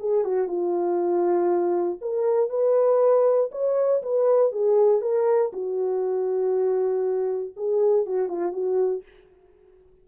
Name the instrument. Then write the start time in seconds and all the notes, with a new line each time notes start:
horn
0.00 G#4
0.25 F#4
0.48 F4
2.02 A#4
2.50 B4
3.52 C#5
4.03 B4
4.52 G#4
5.02 A#4
5.53 F#4
7.57 G#4
8.06 F#4
8.29 F4
8.53 F#4